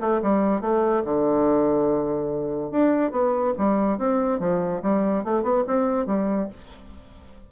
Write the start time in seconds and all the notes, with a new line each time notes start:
0.00 A3
0.22 G3
0.61 A3
1.05 D3
2.71 D4
3.11 B3
3.58 G3
3.98 C4
4.39 F3
4.82 G3
5.24 A3
5.43 B3
5.67 C4
6.06 G3